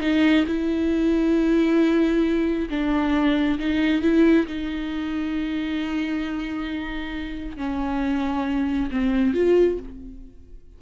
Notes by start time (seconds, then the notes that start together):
0.00 D#4
0.46 E4
2.69 D4
3.59 D#4
4.01 E4
4.46 D#4
7.57 C#4
8.91 C4
9.34 F4